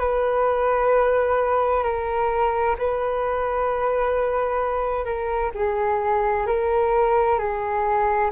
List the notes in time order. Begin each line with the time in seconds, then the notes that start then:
0.00 B4
1.84 A#4
2.78 B4
5.05 A#4
5.55 G#4
6.47 A#4
7.39 G#4